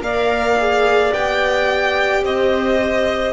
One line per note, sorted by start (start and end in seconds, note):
0.00 1.11 A#3
0.00 0.57 A#4
0.00 2.23 D5
0.00 1.13 F5
0.58 1.14 G#4
1.13 2.23 B3
1.13 3.33 G4
1.13 2.24 G5
2.23 3.33 C4
2.23 3.33 C5
2.23 3.33 D#5